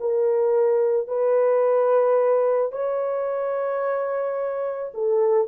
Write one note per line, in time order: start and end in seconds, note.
0.00 1.08 A#4
1.08 2.72 B4
2.72 4.92 C#5
4.94 5.48 A4